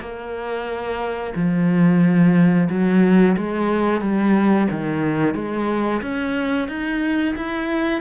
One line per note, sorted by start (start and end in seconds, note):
0.00 1.33 A#3
1.35 2.68 F3
2.69 3.36 F#3
3.37 4.01 G#3
4.01 4.68 G3
4.70 5.35 D#3
5.35 6.01 G#3
6.02 6.68 C#4
6.68 7.35 D#4
7.36 8.01 E4